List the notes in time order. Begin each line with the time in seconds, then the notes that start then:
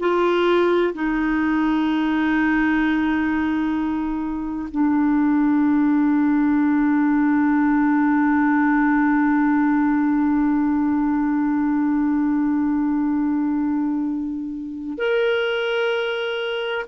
0.00 F4
0.94 D#4
4.72 D4
14.98 A#4